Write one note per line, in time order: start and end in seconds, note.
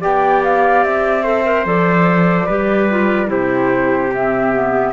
0.00 0.85 B3
0.00 1.23 G4
0.00 1.23 D5
0.00 0.43 G5
0.43 0.83 F5
0.83 1.65 C4
0.83 1.66 E5
1.23 1.44 A4
1.23 2.46 C5
1.45 1.65 A#4
1.65 2.47 F3
1.65 2.48 A4
1.65 3.30 D5
2.46 3.29 G3
2.46 2.90 G4
2.46 3.28 B4
2.90 3.26 F4
3.26 4.92 C3
3.26 4.09 E4
3.26 4.92 G4
3.26 4.13 C5
4.14 4.52 C4
4.14 4.92 E5
4.52 4.92 B3